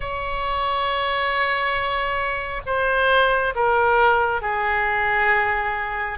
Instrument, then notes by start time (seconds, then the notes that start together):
oboe
0.00 C#5
2.66 C5
3.55 A#4
4.41 G#4